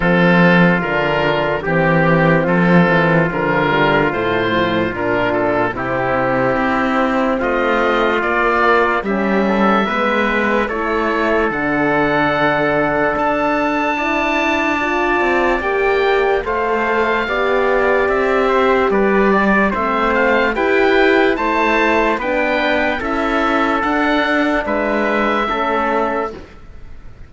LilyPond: <<
  \new Staff \with { instrumentName = "oboe" } { \time 4/4 \tempo 4 = 73 a'4 ais'4 g'4 a'4 | ais'4 c''4 ais'8 a'8 g'4~ | g'4 dis''4 d''4 e''4~ | e''4 cis''4 fis''2 |
a''2. g''4 | f''2 e''4 d''4 | e''8 f''8 g''4 a''4 g''4 | e''4 fis''4 e''2 | }
  \new Staff \with { instrumentName = "trumpet" } { \time 4/4 f'2 g'4 f'4~ | f'2. e'4~ | e'4 f'2 g'8 a'8 | b'4 a'2.~ |
a'4 d''2. | c''4 d''4. c''8 b'8 d''8 | c''4 b'4 c''4 b'4 | a'2 b'4 a'4 | }
  \new Staff \with { instrumentName = "horn" } { \time 4/4 c'4 d'4 c'2 | f8 g8 a8 f8 d'4 c'4~ | c'2 ais4 cis'4 | b4 e'4 d'2~ |
d'4 e'4 f'4 g'4 | a'4 g'2. | c'4 g'4 e'4 d'4 | e'4 d'2 cis'4 | }
  \new Staff \with { instrumentName = "cello" } { \time 4/4 f4 d4 e4 f8 e8 | d4 a,4 ais,4 c4 | c'4 a4 ais4 g4 | gis4 a4 d2 |
d'2~ d'8 c'8 ais4 | a4 b4 c'4 g4 | a4 e'4 a4 b4 | cis'4 d'4 gis4 a4 | }
>>